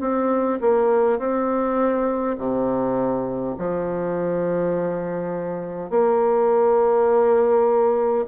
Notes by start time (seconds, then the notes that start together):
0.00 C4
0.61 A#3
1.19 C4
2.38 C3
3.58 F3
5.90 A#3